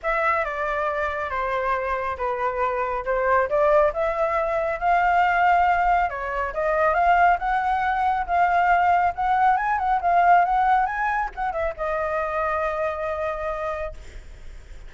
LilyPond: \new Staff \with { instrumentName = "flute" } { \time 4/4 \tempo 4 = 138 e''4 d''2 c''4~ | c''4 b'2 c''4 | d''4 e''2 f''4~ | f''2 cis''4 dis''4 |
f''4 fis''2 f''4~ | f''4 fis''4 gis''8 fis''8 f''4 | fis''4 gis''4 fis''8 e''8 dis''4~ | dis''1 | }